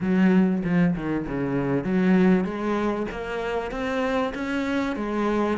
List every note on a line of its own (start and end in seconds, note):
0.01 0.62 F#3
0.64 0.95 F3
0.95 1.26 D#3
1.27 1.84 C#3
1.84 2.44 F#3
2.44 3.06 G#3
3.11 3.71 A#3
3.71 4.33 C4
4.34 4.96 C#4
4.96 5.58 G#3